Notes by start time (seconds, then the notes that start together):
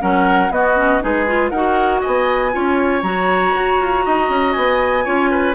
0.00 F#3 C#4 A#4 F#5
0.51 B3 F#4 D#5
0.76 C#4
1.01 G#3 D#4 G#4 B4
1.27 F4
1.50 D#4 F#4 A#4 F#5
2.01 B3 D#5 G#5
2.52 C#4 F4 C#5
3.03 F#3 F#4 A#5
3.56 F#4
3.80 F4
4.06 D#4 D#5
4.30 C#4
4.53 B3 G#5
5.05 C#4 F4 C#5
5.31 B4